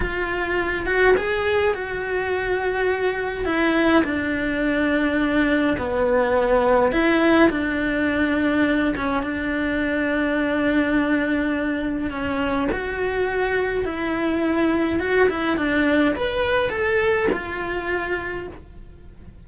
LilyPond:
\new Staff \with { instrumentName = "cello" } { \time 4/4 \tempo 4 = 104 f'4. fis'8 gis'4 fis'4~ | fis'2 e'4 d'4~ | d'2 b2 | e'4 d'2~ d'8 cis'8 |
d'1~ | d'4 cis'4 fis'2 | e'2 fis'8 e'8 d'4 | b'4 a'4 f'2 | }